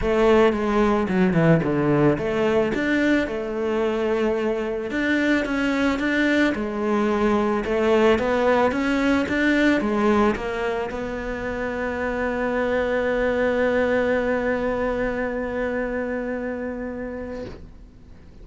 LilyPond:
\new Staff \with { instrumentName = "cello" } { \time 4/4 \tempo 4 = 110 a4 gis4 fis8 e8 d4 | a4 d'4 a2~ | a4 d'4 cis'4 d'4 | gis2 a4 b4 |
cis'4 d'4 gis4 ais4 | b1~ | b1~ | b1 | }